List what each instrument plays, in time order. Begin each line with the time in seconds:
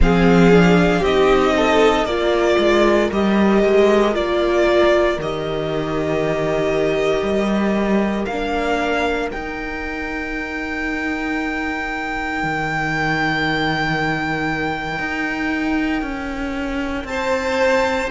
0.00 cello F3, viola C4, violin G#4 F5
0.51 viola D4
0.99 cello C4, viola D#4, violin G4 D#5
1.56 violin A4
2.03 cello A#3, viola F4, violin A#4 D5
2.58 cello G#3
3.11 cello G3, viola G4, violin D#5
3.63 cello G#3
4.13 cello A#3, viola F4, violin D5
5.18 cello D#3, viola G4, violin D#5
7.21 cello G3
8.25 cello A#3, violin F5
8.31 viola D4
9.31 viola D#4, cello D#4, violin G5
12.43 cello D#3
14.98 cello D#4
16.02 cello C#4
17.03 cello C4, violin C5 A5